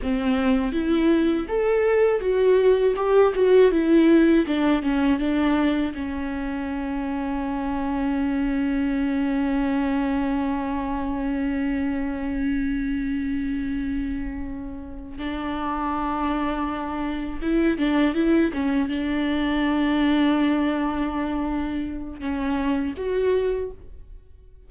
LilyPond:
\new Staff \with { instrumentName = "viola" } { \time 4/4 \tempo 4 = 81 c'4 e'4 a'4 fis'4 | g'8 fis'8 e'4 d'8 cis'8 d'4 | cis'1~ | cis'1~ |
cis'1~ | cis'8 d'2. e'8 | d'8 e'8 cis'8 d'2~ d'8~ | d'2 cis'4 fis'4 | }